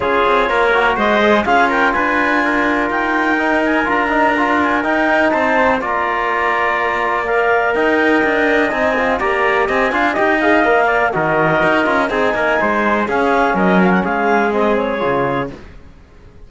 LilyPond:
<<
  \new Staff \with { instrumentName = "clarinet" } { \time 4/4 \tempo 4 = 124 cis''2 dis''4 f''8 g''8 | gis''2 g''4. gis''8 | ais''4. gis''8 g''4 a''4 | ais''2. f''4 |
g''2 gis''4 ais''4 | gis''4 g''8 f''4. dis''4~ | dis''4 gis''2 f''4 | dis''8 f''16 fis''16 f''4 dis''8 cis''4. | }
  \new Staff \with { instrumentName = "trumpet" } { \time 4/4 gis'4 ais'4 c''4 gis'8 ais'8 | b'4 ais'2.~ | ais'2. c''4 | d''1 |
dis''2. d''4 | dis''8 f''8 dis''4. d''8 ais'4~ | ais'4 gis'8 ais'8 c''4 gis'4 | ais'4 gis'2. | }
  \new Staff \with { instrumentName = "trombone" } { \time 4/4 f'4. fis'4 gis'8 f'4~ | f'2. dis'4 | f'8 dis'8 f'4 dis'2 | f'2. ais'4~ |
ais'2 dis'8 f'8 g'4~ | g'8 f'8 g'8 gis'8 ais'4 fis'4~ | fis'8 f'8 dis'2 cis'4~ | cis'2 c'4 f'4 | }
  \new Staff \with { instrumentName = "cello" } { \time 4/4 cis'8 c'8 ais4 gis4 cis'4 | d'2 dis'2 | d'2 dis'4 c'4 | ais1 |
dis'4 d'4 c'4 ais4 | c'8 d'8 dis'4 ais4 dis4 | dis'8 cis'8 c'8 ais8 gis4 cis'4 | fis4 gis2 cis4 | }
>>